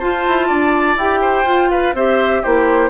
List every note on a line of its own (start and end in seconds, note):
0.00 0.98 F4
0.00 0.26 F4
0.00 0.48 C5
0.00 0.97 A5
0.28 0.51 E4
0.48 0.97 D4
0.48 1.20 D5
0.97 1.45 E4
0.97 1.46 G4
0.97 1.71 G5
1.22 1.70 C5
1.45 1.93 F4
1.45 1.94 F4
1.71 1.95 B4
1.71 1.95 F5
1.94 2.42 C4
1.94 2.44 G4
1.94 2.42 C5
1.94 2.44 E5
2.42 2.90 A#3
2.42 2.90 E4
2.42 2.90 G4
2.42 2.90 C5